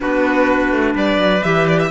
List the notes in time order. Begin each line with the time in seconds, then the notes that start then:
0.00 B3 D4 F#4 B4
0.71 A3
0.94 G3 B4 D5
1.18 F#3
1.43 E3 G4 E5
1.68 D5
1.79 E5